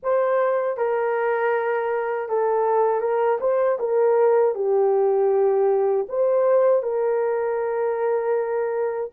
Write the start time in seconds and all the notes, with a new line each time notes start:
0.02 C5
0.77 A#4
2.28 A4
3.00 A#4
3.40 C5
3.79 A#4
4.55 G4
6.08 C5
6.83 A#4